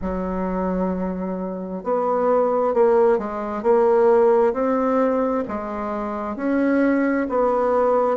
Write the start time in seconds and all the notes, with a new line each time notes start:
0.01 F#3
1.83 B3
2.74 A#3
3.18 G#3
3.62 A#3
4.53 C4
5.48 G#3
6.36 C#4
7.29 B3